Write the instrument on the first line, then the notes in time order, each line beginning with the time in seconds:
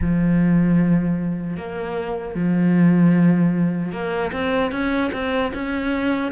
cello
0.01 F3
1.56 A#3
2.34 F3
3.92 A#3
4.32 C4
4.71 C#4
5.12 C4
5.53 C#4